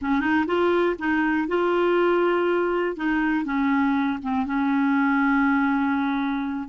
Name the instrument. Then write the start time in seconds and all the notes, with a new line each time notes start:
clarinet
0.01 C#4
0.20 D#4
0.46 F4
0.98 D#4
1.47 F4
2.96 D#4
3.44 C#4
4.22 C4
4.45 C#4